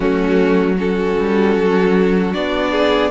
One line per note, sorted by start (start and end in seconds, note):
0.00 1.15 F#3
0.00 0.77 A3
0.00 0.76 C#4
0.00 0.77 F#4
0.76 2.33 C#4
0.76 2.71 F#4
0.76 2.33 A4
1.19 1.56 G3
1.56 2.33 F#3
2.33 3.11 B3
2.33 3.11 D4
2.33 3.11 D5
2.71 3.10 G#4